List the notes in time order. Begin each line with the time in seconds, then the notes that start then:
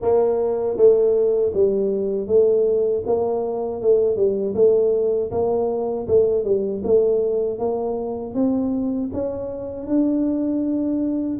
0.01 A#3
0.76 A3
1.53 G3
2.27 A3
3.06 A#3
3.81 A3
4.16 G3
4.54 A3
5.31 A#3
6.07 A3
6.44 G3
6.84 A3
7.58 A#3
8.34 C4
9.13 C#4
9.86 D4